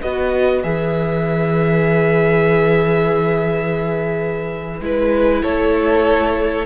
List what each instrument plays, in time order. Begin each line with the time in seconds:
0.00 cello B3, viola F#4, violin B4 D#5
0.63 cello E3, viola G#4, violin E5
4.80 cello G#3, viola E4, violin B4
5.42 cello A3, violin A4 C#5